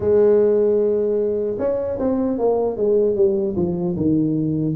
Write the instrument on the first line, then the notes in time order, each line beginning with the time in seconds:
tuba
0.00 G#3
1.59 C#4
1.99 C4
2.38 A#3
2.76 G#3
3.15 G3
3.56 F3
3.96 D#3